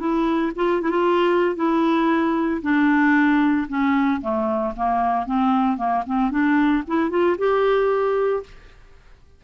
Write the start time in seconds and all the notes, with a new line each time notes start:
0.00 E4
0.56 F4
0.82 E4
0.91 F4
1.56 E4
2.62 D4
3.69 C#4
4.22 A3
4.77 A#3
5.26 C4
5.78 A#3
6.07 C4
6.31 D4
6.88 E4
7.11 F4
7.39 G4